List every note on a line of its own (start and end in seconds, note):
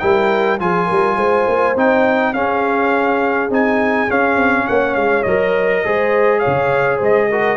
0.00 0.61 G3
0.00 0.59 E4
0.00 0.61 A#4
0.00 0.58 G5
0.60 0.90 F3
0.60 1.76 F4
0.60 0.87 G#4
0.60 1.77 G#5
0.87 1.17 G3
0.87 1.16 A#4
1.17 1.46 G#3
1.17 2.33 C5
1.48 1.76 A#3
1.76 2.34 C4
1.76 2.35 D#4
1.76 2.34 G5
2.34 3.50 C#4
2.34 4.66 G#4
2.34 3.50 F5
3.50 4.09 C4
3.50 4.09 D#4
3.50 4.11 G#5
4.09 5.25 C#4
4.09 4.36 C#4
4.09 4.68 F5
4.36 4.65 C4
4.66 4.96 A#3
4.66 5.82 C#5
4.66 4.95 F#5
4.95 5.25 G#3
4.95 5.24 F5
5.24 5.85 F#3
5.24 5.85 A#4
5.24 6.40 D#5
5.85 6.44 G#3
5.85 7.31 G#4
5.85 6.40 C5
6.40 6.98 C#5
6.40 6.98 F5
6.47 7.01 C#3
6.98 7.58 G#3
6.98 7.27 C5
6.98 7.58 D#5
7.30 7.58 F#4
7.30 7.58 A#4